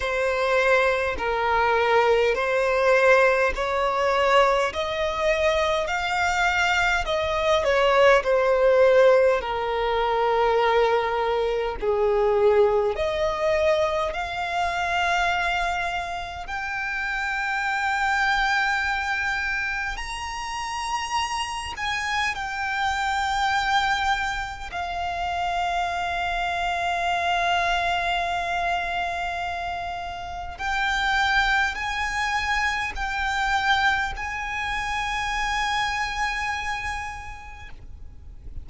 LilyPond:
\new Staff \with { instrumentName = "violin" } { \time 4/4 \tempo 4 = 51 c''4 ais'4 c''4 cis''4 | dis''4 f''4 dis''8 cis''8 c''4 | ais'2 gis'4 dis''4 | f''2 g''2~ |
g''4 ais''4. gis''8 g''4~ | g''4 f''2.~ | f''2 g''4 gis''4 | g''4 gis''2. | }